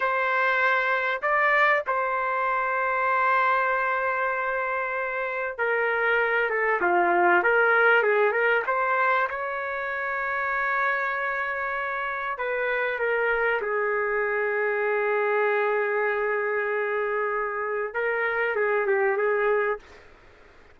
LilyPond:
\new Staff \with { instrumentName = "trumpet" } { \time 4/4 \tempo 4 = 97 c''2 d''4 c''4~ | c''1~ | c''4 ais'4. a'8 f'4 | ais'4 gis'8 ais'8 c''4 cis''4~ |
cis''1 | b'4 ais'4 gis'2~ | gis'1~ | gis'4 ais'4 gis'8 g'8 gis'4 | }